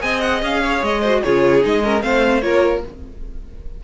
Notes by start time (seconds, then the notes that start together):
0.00 C4 G#4 D#5 G#5
0.21 F#5
0.42 C#4 F5
0.64 C#5
0.82 G#3 D#5
1.01 F#4 C5
1.23 C#3 F4 G#4 C#5
1.62 G#3 D#4 D#5
1.84 C#4 A#4
2.01 A3 C4 C5 F5
2.41 A#3 F4 A#4 C#5